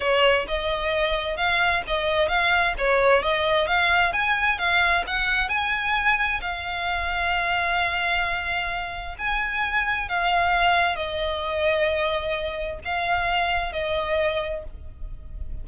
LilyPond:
\new Staff \with { instrumentName = "violin" } { \time 4/4 \tempo 4 = 131 cis''4 dis''2 f''4 | dis''4 f''4 cis''4 dis''4 | f''4 gis''4 f''4 fis''4 | gis''2 f''2~ |
f''1 | gis''2 f''2 | dis''1 | f''2 dis''2 | }